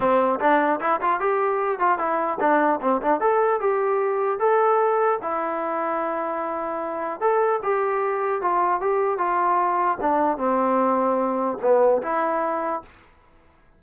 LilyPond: \new Staff \with { instrumentName = "trombone" } { \time 4/4 \tempo 4 = 150 c'4 d'4 e'8 f'8 g'4~ | g'8 f'8 e'4 d'4 c'8 d'8 | a'4 g'2 a'4~ | a'4 e'2.~ |
e'2 a'4 g'4~ | g'4 f'4 g'4 f'4~ | f'4 d'4 c'2~ | c'4 b4 e'2 | }